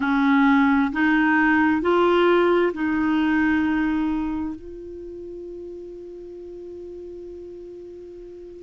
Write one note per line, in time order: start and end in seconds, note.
0.00 0.91 C#4
0.92 1.81 D#4
1.81 2.72 F4
2.73 4.55 D#4
4.55 8.62 F4